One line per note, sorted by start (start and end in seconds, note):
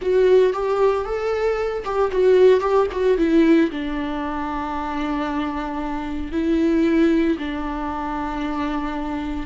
0.01 0.53 F#4
0.53 1.05 G4
1.05 1.84 A4
1.84 2.11 G4
2.11 2.60 F#4
2.60 2.86 G4
2.91 3.17 F#4
3.17 3.70 E4
3.70 6.32 D4
6.32 7.37 E4
7.38 9.46 D4